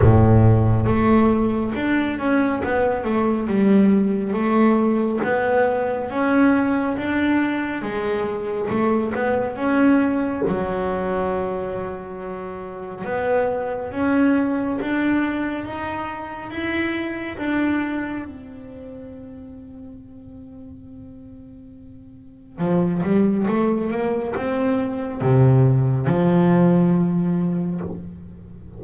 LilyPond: \new Staff \with { instrumentName = "double bass" } { \time 4/4 \tempo 4 = 69 a,4 a4 d'8 cis'8 b8 a8 | g4 a4 b4 cis'4 | d'4 gis4 a8 b8 cis'4 | fis2. b4 |
cis'4 d'4 dis'4 e'4 | d'4 c'2.~ | c'2 f8 g8 a8 ais8 | c'4 c4 f2 | }